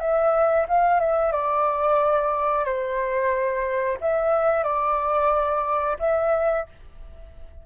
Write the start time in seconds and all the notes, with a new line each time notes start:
0.00 E5
0.68 F5
1.00 E5
1.32 D5
2.65 C5
4.01 E5
4.64 D5
5.99 E5